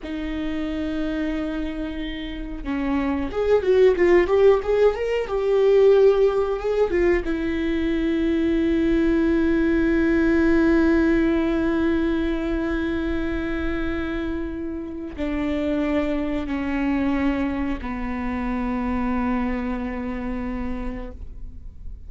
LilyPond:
\new Staff \with { instrumentName = "viola" } { \time 4/4 \tempo 4 = 91 dis'1 | cis'4 gis'8 fis'8 f'8 g'8 gis'8 ais'8 | g'2 gis'8 f'8 e'4~ | e'1~ |
e'1~ | e'2. d'4~ | d'4 cis'2 b4~ | b1 | }